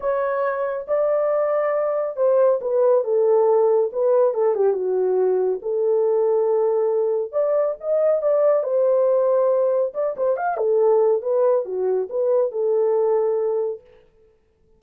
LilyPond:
\new Staff \with { instrumentName = "horn" } { \time 4/4 \tempo 4 = 139 cis''2 d''2~ | d''4 c''4 b'4 a'4~ | a'4 b'4 a'8 g'8 fis'4~ | fis'4 a'2.~ |
a'4 d''4 dis''4 d''4 | c''2. d''8 c''8 | f''8 a'4. b'4 fis'4 | b'4 a'2. | }